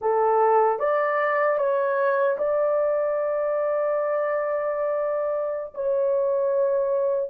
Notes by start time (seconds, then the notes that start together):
0.01 A4
0.79 D5
1.58 C#5
2.38 D5
5.74 C#5